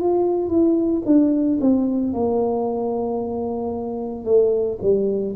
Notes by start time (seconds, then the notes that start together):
0.00 F4
0.48 E4
1.06 D4
1.61 C4
2.13 A#3
4.25 A3
4.81 G3